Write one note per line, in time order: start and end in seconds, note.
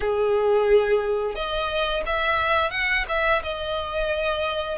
0.00 1.35 G#4
1.35 2.03 D#5
2.06 2.71 E5
2.71 3.05 F#5
3.08 3.42 E5
3.43 4.78 D#5